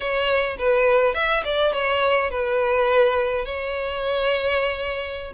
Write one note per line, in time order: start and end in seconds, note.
0.00 0.57 C#5
0.58 1.14 B4
1.14 1.43 E5
1.44 1.73 D5
1.73 2.30 C#5
2.30 3.45 B4
3.45 5.32 C#5